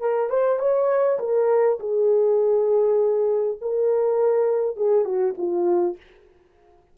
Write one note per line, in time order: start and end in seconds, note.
0.00 0.29 A#4
0.29 0.59 C5
0.59 1.19 C#5
1.19 1.79 A#4
1.80 3.58 G#4
3.61 4.76 A#4
4.76 5.05 G#4
5.05 5.34 F#4
5.37 5.97 F4